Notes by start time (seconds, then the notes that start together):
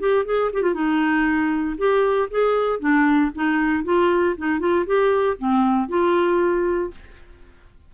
0.00 G4
0.25 G#4
0.53 G4
0.62 F4
0.74 D#4
1.78 G4
2.31 G#4
2.80 D4
3.35 D#4
3.85 F4
4.38 D#4
4.60 F4
4.86 G4
5.38 C4
5.89 F4